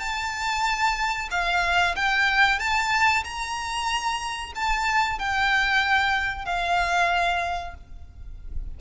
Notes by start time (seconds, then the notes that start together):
0.00 A5
1.31 F5
1.96 G5
2.59 A5
3.24 A#5
4.55 A5
5.19 G5
6.45 F5